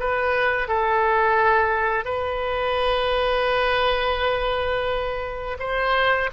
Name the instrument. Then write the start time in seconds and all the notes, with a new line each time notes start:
oboe
0.00 B4
0.68 A4
2.05 B4
5.60 C5